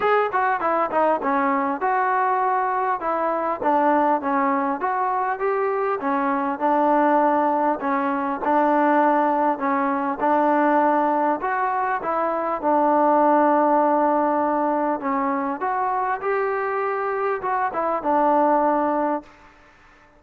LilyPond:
\new Staff \with { instrumentName = "trombone" } { \time 4/4 \tempo 4 = 100 gis'8 fis'8 e'8 dis'8 cis'4 fis'4~ | fis'4 e'4 d'4 cis'4 | fis'4 g'4 cis'4 d'4~ | d'4 cis'4 d'2 |
cis'4 d'2 fis'4 | e'4 d'2.~ | d'4 cis'4 fis'4 g'4~ | g'4 fis'8 e'8 d'2 | }